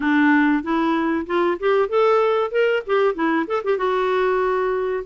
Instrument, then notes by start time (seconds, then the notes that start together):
clarinet
0.00 D4
0.63 E4
1.26 F4
1.59 G4
1.88 A4
2.51 A#4
2.86 G4
3.14 E4
3.47 A4
3.64 G4
3.77 F#4